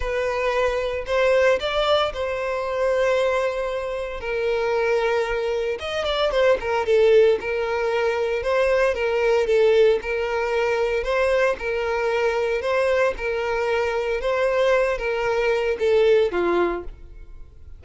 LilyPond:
\new Staff \with { instrumentName = "violin" } { \time 4/4 \tempo 4 = 114 b'2 c''4 d''4 | c''1 | ais'2. dis''8 d''8 | c''8 ais'8 a'4 ais'2 |
c''4 ais'4 a'4 ais'4~ | ais'4 c''4 ais'2 | c''4 ais'2 c''4~ | c''8 ais'4. a'4 f'4 | }